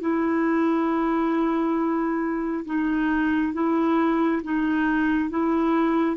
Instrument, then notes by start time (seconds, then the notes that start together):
clarinet
0.00 E4
2.65 D#4
3.53 E4
4.43 D#4
5.29 E4